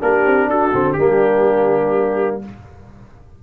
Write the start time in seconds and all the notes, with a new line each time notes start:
0.00 A#3 D4 G4 A#4
0.26 C4
0.47 D4 F#4 A4
0.73 D3 C4
0.93 G3 A#3 D4 G4